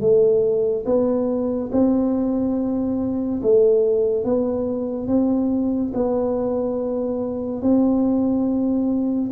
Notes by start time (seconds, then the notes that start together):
0.00 A3
0.86 B3
1.72 C4
3.42 A3
4.24 B3
5.07 C4
5.94 B3
7.61 C4